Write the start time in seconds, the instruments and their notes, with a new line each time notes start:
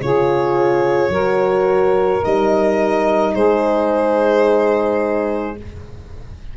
0.00 tuba C#3, horn F4, saxophone G#4, violin C#5
1.09 tuba F#3, horn F#4, saxophone A#4
2.23 tuba G3, horn D#4, violin D#5
3.35 tuba G#3, saxophone G#4, violin C5